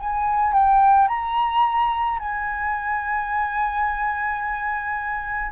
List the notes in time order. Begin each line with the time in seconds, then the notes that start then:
0.00 G#5
0.54 G5
1.09 A#5
2.20 G#5